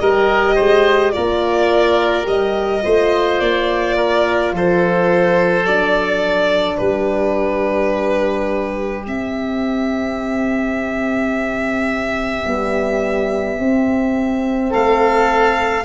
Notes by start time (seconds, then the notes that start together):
0.00 G3 G4 A#4 D#5
0.55 G#3 C5
1.12 A#3 F4 A#4 D5
2.24 G3 G4 D#5
2.83 A3 F4 C5
3.40 A#3 D5
3.96 A#4
4.52 F3 A4 C5
5.65 F#3 D4 D5
6.77 G3 G4 B4
9.07 C4 E5
12.46 G3 B3
13.59 C4
14.70 A3 A4 F5